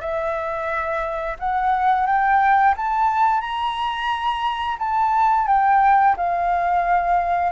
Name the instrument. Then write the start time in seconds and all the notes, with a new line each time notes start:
flute
0.00 E5
1.39 F#5
2.06 G5
2.76 A5
3.40 A#5
4.79 A5
5.47 G5
6.16 F5